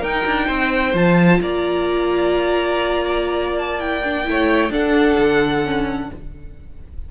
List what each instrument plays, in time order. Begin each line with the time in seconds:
0.00 cello D#4, viola D#4, violin A#4 G5
0.26 cello D4
0.47 cello C4, violin C5
0.93 cello F3, viola F4, violin A5
1.40 cello A#3, violin D5 A#5
3.58 violin A5
3.79 viola E4, violin G5
4.04 viola D4
4.24 cello A3, viola E4, violin C#5
4.70 cello D4, viola D4, violin A4 F#5
5.18 cello D3
5.64 viola C#4